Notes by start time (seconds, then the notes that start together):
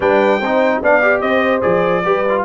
0.00 G3 D4 B4 G5
0.40 C4 D#4 C5
0.81 B3 D4 D5 F5
1.02 G4
1.20 C4 C5 D#5
1.61 F3 G#4 D5
2.03 G3 G4 B4
2.29 F4